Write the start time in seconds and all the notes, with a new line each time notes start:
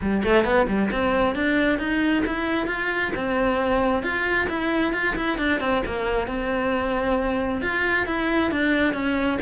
0.01 G3
0.23 A3
0.44 B3
0.67 G3
0.91 C4
1.35 D4
1.78 D#4
2.26 E4
2.66 F4
3.15 C4
4.02 F4
4.49 E4
4.93 F4
5.16 E4
5.38 D4
5.60 C4
5.85 A#3
6.27 C4
7.61 F4
8.06 E4
8.51 D4
8.93 C#4